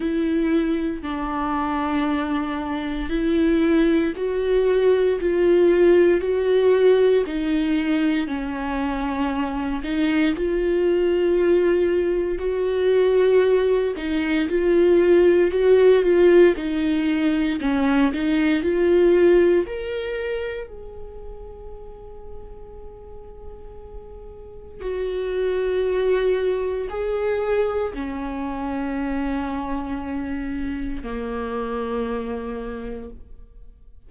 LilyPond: \new Staff \with { instrumentName = "viola" } { \time 4/4 \tempo 4 = 58 e'4 d'2 e'4 | fis'4 f'4 fis'4 dis'4 | cis'4. dis'8 f'2 | fis'4. dis'8 f'4 fis'8 f'8 |
dis'4 cis'8 dis'8 f'4 ais'4 | gis'1 | fis'2 gis'4 cis'4~ | cis'2 ais2 | }